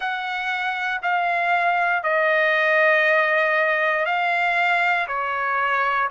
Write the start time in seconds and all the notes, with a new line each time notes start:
0.00 F#5
1.02 F5
2.03 D#5
4.05 F5
5.07 C#5